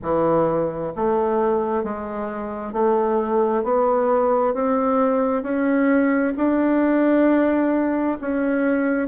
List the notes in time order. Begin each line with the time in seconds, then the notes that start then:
0.02 E3
0.95 A3
1.83 G#3
2.72 A3
3.63 B3
4.54 C4
5.43 C#4
6.36 D4
8.21 C#4